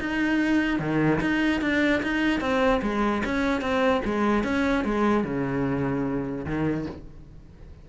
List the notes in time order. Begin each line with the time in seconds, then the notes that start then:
0.00 D#4
0.79 D#3
1.21 D#4
1.61 D4
2.03 D#4
2.40 C4
2.82 G#3
3.25 C#4
3.61 C4
4.05 G#3
4.44 C#4
4.84 G#3
5.24 C#3
6.46 D#3